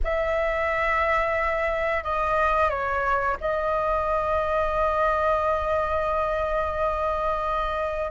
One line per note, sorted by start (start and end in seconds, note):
0.03 2.03 E5
2.03 2.69 D#5
2.69 3.36 C#5
3.40 8.11 D#5